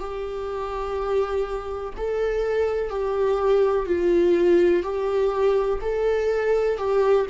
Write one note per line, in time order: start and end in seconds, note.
0.00 1.94 G4
1.97 2.89 A4
2.89 3.86 G4
3.86 4.83 F4
4.83 5.79 G4
5.81 6.78 A4
6.78 7.26 G4